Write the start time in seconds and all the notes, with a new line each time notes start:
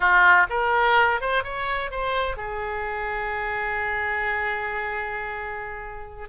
0.00 F4
0.49 A#4
1.20 C5
1.43 C#5
1.90 C5
2.37 G#4